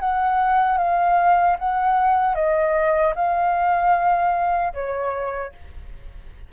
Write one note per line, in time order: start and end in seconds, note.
0.00 0.78 F#5
0.78 1.56 F5
1.59 2.35 F#5
2.35 3.14 D#5
3.15 4.73 F5
4.73 5.52 C#5